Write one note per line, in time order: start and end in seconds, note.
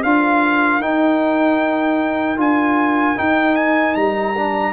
0.00 0.80 D4
0.00 0.81 F4
0.00 4.73 A#4
0.00 0.81 F5
0.80 2.37 D#4
0.80 2.39 G5
2.37 3.16 D4
2.37 3.16 F4
2.37 3.18 G#5
3.16 4.34 D#4
3.16 3.95 D#4
3.16 3.55 G5
3.55 3.95 G#5
3.95 4.73 G3
3.95 4.73 A#5
4.35 4.73 D4